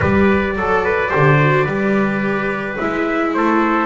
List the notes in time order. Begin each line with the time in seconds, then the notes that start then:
0.00 G3 G4 B4 D5
0.56 F#3 A4
0.84 B4
1.07 G4 C5
1.15 D3
1.39 F#4
1.64 G3 G4 B4
2.78 G#3 E4 E5
3.34 A3 A4 C5